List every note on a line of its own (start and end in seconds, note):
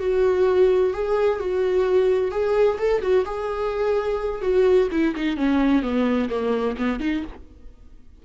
0.00 0.94 F#4
0.94 1.40 G#4
1.40 2.31 F#4
2.31 2.78 G#4
2.79 3.02 A4
3.02 3.25 F#4
3.26 4.42 G#4
4.42 4.89 F#4
4.92 5.15 E4
5.16 5.37 D#4
5.37 5.83 C#4
5.83 6.29 B3
6.30 6.77 A#3
6.78 7.00 B3
7.00 7.24 D#4